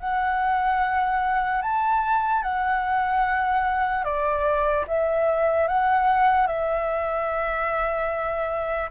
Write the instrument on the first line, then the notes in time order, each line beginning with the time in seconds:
flute
0.00 F#5
1.62 A5
2.43 F#5
4.04 D5
4.88 E5
5.68 F#5
6.47 E5